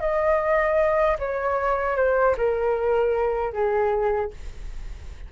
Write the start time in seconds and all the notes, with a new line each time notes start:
0.00 D#5
1.19 C#5
1.96 C5
2.37 A#4
3.53 G#4